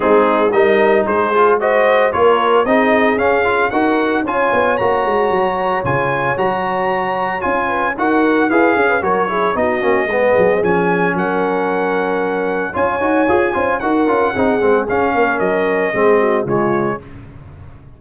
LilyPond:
<<
  \new Staff \with { instrumentName = "trumpet" } { \time 4/4 \tempo 4 = 113 gis'4 dis''4 c''4 dis''4 | cis''4 dis''4 f''4 fis''4 | gis''4 ais''2 gis''4 | ais''2 gis''4 fis''4 |
f''4 cis''4 dis''2 | gis''4 fis''2. | gis''2 fis''2 | f''4 dis''2 cis''4 | }
  \new Staff \with { instrumentName = "horn" } { \time 4/4 dis'4 ais'4 gis'4 c''4 | ais'4 gis'2 ais'4 | cis''1~ | cis''2~ cis''8 b'8 ais'4 |
b'8 gis'16 b'16 ais'8 gis'8 fis'4 gis'4~ | gis'4 ais'2. | cis''4. c''8 ais'4 gis'4~ | gis'8 ais'4. gis'8 fis'8 f'4 | }
  \new Staff \with { instrumentName = "trombone" } { \time 4/4 c'4 dis'4. f'8 fis'4 | f'4 dis'4 cis'8 f'8 fis'4 | f'4 fis'2 f'4 | fis'2 f'4 fis'4 |
gis'4 fis'8 e'8 dis'8 cis'8 b4 | cis'1 | f'8 fis'8 gis'8 f'8 fis'8 f'8 dis'8 c'8 | cis'2 c'4 gis4 | }
  \new Staff \with { instrumentName = "tuba" } { \time 4/4 gis4 g4 gis2 | ais4 c'4 cis'4 dis'4 | cis'8 b8 ais8 gis8 fis4 cis4 | fis2 cis'4 dis'4 |
e'8 cis'8 fis4 b8 ais8 gis8 fis8 | f4 fis2. | cis'8 dis'8 f'8 cis'8 dis'8 cis'8 c'8 gis8 | cis'8 ais8 fis4 gis4 cis4 | }
>>